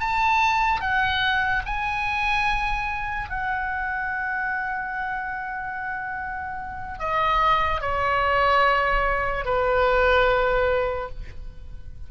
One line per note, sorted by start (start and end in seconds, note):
0.00 0.80 A5
0.80 1.63 F#5
1.66 3.30 G#5
3.30 6.99 F#5
6.99 7.81 D#5
7.81 9.45 C#5
9.45 11.09 B4